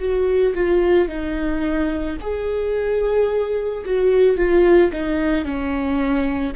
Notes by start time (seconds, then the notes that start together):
0.00 F#4
0.55 F4
1.09 D#4
2.21 G#4
3.85 F#4
4.37 F4
4.92 D#4
5.45 C#4